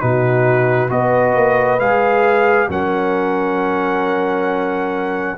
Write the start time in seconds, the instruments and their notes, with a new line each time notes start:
0.00 tuba B2, trombone D#4, horn F#4, trumpet B4
0.89 tuba B3, trombone F#4, horn B4, trumpet D#5
1.35 tuba A#3
1.79 tuba G#3, trombone G#4, trumpet F5
2.69 tuba F#3, trombone C#4, horn A#4, trumpet F#5